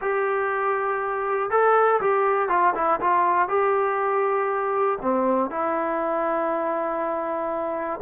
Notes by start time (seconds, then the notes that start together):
0.01 G4
1.50 A4
2.00 G4
2.48 F4
2.75 E4
3.00 F4
3.48 G4
5.01 C4
5.50 E4